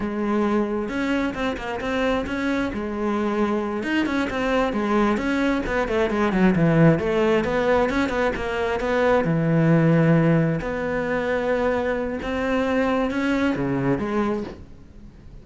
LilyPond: \new Staff \with { instrumentName = "cello" } { \time 4/4 \tempo 4 = 133 gis2 cis'4 c'8 ais8 | c'4 cis'4 gis2~ | gis8 dis'8 cis'8 c'4 gis4 cis'8~ | cis'8 b8 a8 gis8 fis8 e4 a8~ |
a8 b4 cis'8 b8 ais4 b8~ | b8 e2. b8~ | b2. c'4~ | c'4 cis'4 cis4 gis4 | }